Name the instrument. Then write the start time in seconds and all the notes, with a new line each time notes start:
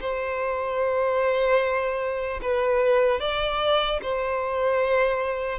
violin
0.00 C5
2.41 B4
3.20 D5
4.02 C5